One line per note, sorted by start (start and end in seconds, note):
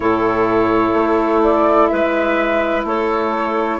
0.00 0.93 A2
0.00 3.79 E4
0.00 1.91 A4
0.00 1.42 C#5
0.93 1.88 A3
1.43 1.87 D5
1.87 2.84 G#3
1.87 2.87 B4
1.87 2.82 E5
2.84 3.79 A3
2.84 3.79 A4
2.84 3.79 C#5